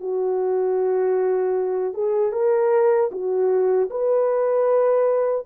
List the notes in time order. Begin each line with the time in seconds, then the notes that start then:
0.00 F#4
1.94 G#4
2.32 A#4
3.11 F#4
3.90 B4